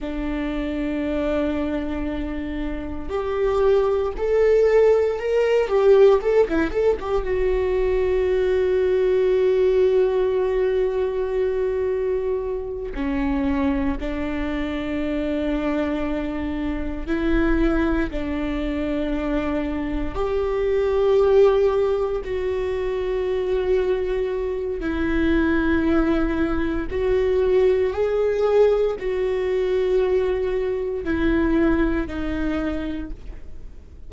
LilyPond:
\new Staff \with { instrumentName = "viola" } { \time 4/4 \tempo 4 = 58 d'2. g'4 | a'4 ais'8 g'8 a'16 e'16 a'16 g'16 fis'4~ | fis'1~ | fis'8 cis'4 d'2~ d'8~ |
d'8 e'4 d'2 g'8~ | g'4. fis'2~ fis'8 | e'2 fis'4 gis'4 | fis'2 e'4 dis'4 | }